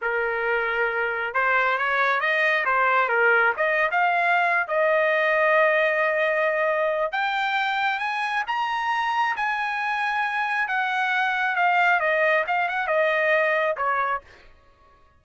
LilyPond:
\new Staff \with { instrumentName = "trumpet" } { \time 4/4 \tempo 4 = 135 ais'2. c''4 | cis''4 dis''4 c''4 ais'4 | dis''8. f''4.~ f''16 dis''4.~ | dis''1 |
g''2 gis''4 ais''4~ | ais''4 gis''2. | fis''2 f''4 dis''4 | f''8 fis''8 dis''2 cis''4 | }